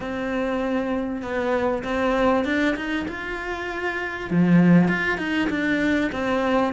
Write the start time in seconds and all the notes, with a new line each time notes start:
0.00 C4
1.22 B3
1.83 C4
2.45 D4
2.76 D#4
3.08 F4
4.30 F3
4.88 F4
5.18 D#4
5.49 D4
6.12 C4